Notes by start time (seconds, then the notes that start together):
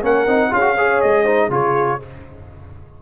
0.00 A#3 C#4 A#4 F#5
0.26 C4 D#4
0.51 C#4 F4 G#4 F5
0.61 F#4
0.76 G#4 C#5
1.01 G#3 D#5
1.23 D#4 C5
1.49 C#3 F4 G#4 C#5